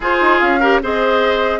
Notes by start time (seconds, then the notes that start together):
0.00 F4 G#4 C5
0.20 D#4
0.39 C#4 F5
0.60 G4 A#4
0.82 C4 G#4 C5 D#5